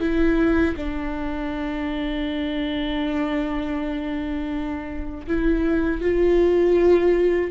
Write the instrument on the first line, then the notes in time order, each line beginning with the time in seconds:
viola
0.00 E4
0.76 D4
5.27 E4
6.01 F4